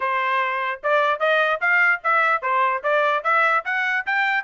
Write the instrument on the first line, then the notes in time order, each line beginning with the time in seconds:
trumpet
0.00 C5
0.83 D5
1.19 D#5
1.60 F5
2.03 E5
2.42 C5
2.83 D5
3.23 E5
3.64 F#5
4.05 G5